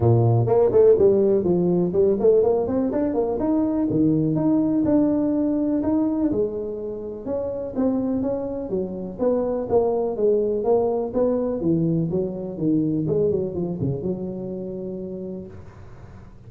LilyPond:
\new Staff \with { instrumentName = "tuba" } { \time 4/4 \tempo 4 = 124 ais,4 ais8 a8 g4 f4 | g8 a8 ais8 c'8 d'8 ais8 dis'4 | dis4 dis'4 d'2 | dis'4 gis2 cis'4 |
c'4 cis'4 fis4 b4 | ais4 gis4 ais4 b4 | e4 fis4 dis4 gis8 fis8 | f8 cis8 fis2. | }